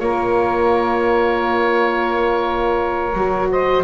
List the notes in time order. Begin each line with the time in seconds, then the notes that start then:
0.00 A#3 F4 A#4 C#5
3.14 F#3 F#4
3.51 C5 D#5